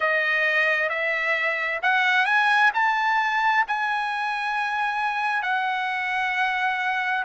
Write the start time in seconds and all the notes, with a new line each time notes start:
0.00 D#5
0.89 E5
1.82 F#5
2.25 G#5
2.74 A5
3.67 G#5
5.42 F#5